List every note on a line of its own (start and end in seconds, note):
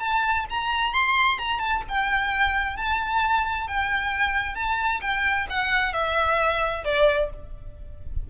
0.00 0.45 A5
0.50 0.93 A#5
0.93 1.39 C6
1.39 1.60 A#5
1.60 1.82 A5
1.89 2.77 G5
2.77 3.68 A5
3.68 4.55 G5
4.55 5.01 A5
5.01 5.47 G5
5.50 5.93 F#5
5.93 6.84 E5
6.85 7.30 D5